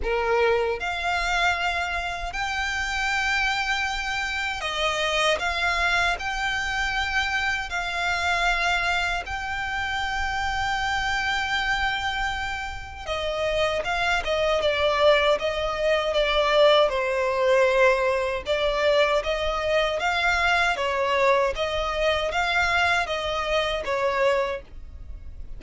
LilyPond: \new Staff \with { instrumentName = "violin" } { \time 4/4 \tempo 4 = 78 ais'4 f''2 g''4~ | g''2 dis''4 f''4 | g''2 f''2 | g''1~ |
g''4 dis''4 f''8 dis''8 d''4 | dis''4 d''4 c''2 | d''4 dis''4 f''4 cis''4 | dis''4 f''4 dis''4 cis''4 | }